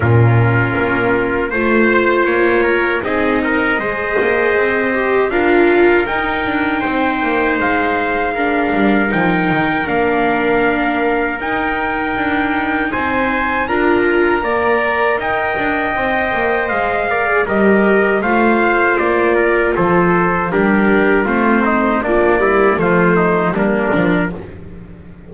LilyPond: <<
  \new Staff \with { instrumentName = "trumpet" } { \time 4/4 \tempo 4 = 79 ais'2 c''4 cis''4 | dis''2. f''4 | g''2 f''2 | g''4 f''2 g''4~ |
g''4 gis''4 ais''2 | g''2 f''4 dis''4 | f''4 d''4 c''4 ais'4 | c''4 d''4 c''4 ais'4 | }
  \new Staff \with { instrumentName = "trumpet" } { \time 4/4 f'2 c''4. ais'8 | gis'8 ais'8 c''2 ais'4~ | ais'4 c''2 ais'4~ | ais'1~ |
ais'4 c''4 ais'4 d''4 | dis''2~ dis''8 d''8 ais'4 | c''4. ais'8 a'4 g'4 | f'8 dis'8 d'8 e'8 f'8 dis'8 d'4 | }
  \new Staff \with { instrumentName = "viola" } { \time 4/4 cis'2 f'2 | dis'4 gis'4. g'8 f'4 | dis'2. d'4 | dis'4 d'2 dis'4~ |
dis'2 f'4 ais'4~ | ais'4 c''4. ais'16 gis'16 g'4 | f'2. d'4 | c'4 f8 g8 a4 ais8 d'8 | }
  \new Staff \with { instrumentName = "double bass" } { \time 4/4 ais,4 ais4 a4 ais4 | c'4 gis8 ais8 c'4 d'4 | dis'8 d'8 c'8 ais8 gis4. g8 | f8 dis8 ais2 dis'4 |
d'4 c'4 d'4 ais4 | dis'8 d'8 c'8 ais8 gis4 g4 | a4 ais4 f4 g4 | a4 ais4 f4 g8 f8 | }
>>